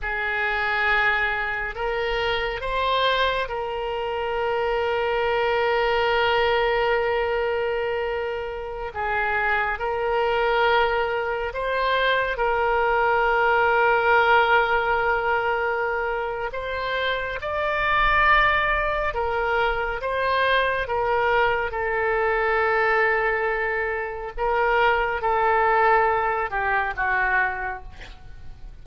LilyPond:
\new Staff \with { instrumentName = "oboe" } { \time 4/4 \tempo 4 = 69 gis'2 ais'4 c''4 | ais'1~ | ais'2~ ais'16 gis'4 ais'8.~ | ais'4~ ais'16 c''4 ais'4.~ ais'16~ |
ais'2. c''4 | d''2 ais'4 c''4 | ais'4 a'2. | ais'4 a'4. g'8 fis'4 | }